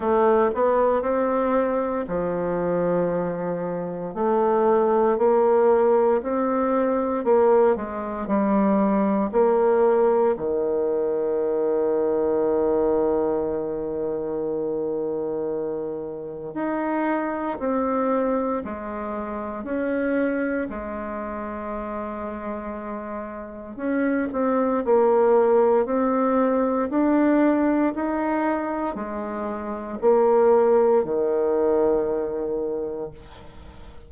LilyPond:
\new Staff \with { instrumentName = "bassoon" } { \time 4/4 \tempo 4 = 58 a8 b8 c'4 f2 | a4 ais4 c'4 ais8 gis8 | g4 ais4 dis2~ | dis1 |
dis'4 c'4 gis4 cis'4 | gis2. cis'8 c'8 | ais4 c'4 d'4 dis'4 | gis4 ais4 dis2 | }